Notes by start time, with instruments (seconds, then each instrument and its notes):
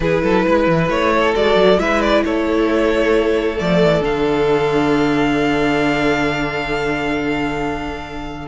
0.00 cello E3, viola E4, violin G#4 B4
0.23 cello F#3, violin A4
0.46 cello G#3, violin B4
0.67 cello E3
0.89 cello A3, violin C#5
1.12 violin A4
1.34 cello G#3, viola F#4, violin D5
1.55 cello F#3
1.78 cello G#3, viola E4, violin B4 E5
2.01 violin D5
2.24 cello A3, violin A4 C#5
3.56 cello F3, viola A3, violin D5
3.83 cello E3
4.01 cello D3, viola D4, violin F5